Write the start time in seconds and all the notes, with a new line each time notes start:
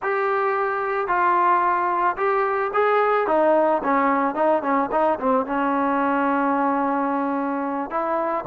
0.02 G4
1.07 F4
2.16 G4
2.73 G#4
3.27 D#4
3.83 C#4
4.35 D#4
4.62 C#4
4.91 D#4
5.19 C4
5.46 C#4
7.90 E4